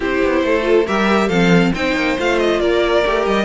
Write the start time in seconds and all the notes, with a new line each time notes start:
0.00 C4 E4 G4 C5
0.24 B3
0.43 A3 A4
0.62 F4
0.87 G3 G4 A#4 E5
1.27 F3 C4 A4 F5
1.74 C4 D#4 C5 G5
1.95 A#3
2.17 A3 F4 F5
2.38 D#5
2.60 A#3 A#4 D5
3.04 A3 G4
3.26 G3 D#5